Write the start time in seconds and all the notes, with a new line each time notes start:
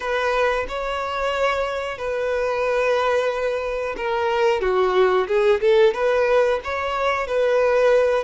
0.00 B4
0.68 C#5
1.98 B4
3.97 A#4
4.61 F#4
5.27 G#4
5.60 A4
5.94 B4
6.64 C#5
7.27 B4